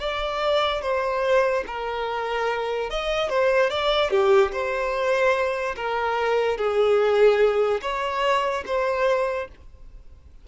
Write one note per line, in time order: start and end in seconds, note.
0.00 0.82 D5
0.82 1.64 C5
1.67 2.91 A#4
2.91 3.30 D#5
3.30 3.71 C5
3.71 4.11 D5
4.11 4.52 G4
4.52 5.76 C5
5.76 6.58 A#4
6.58 7.81 G#4
7.82 8.65 C#5
8.66 9.49 C5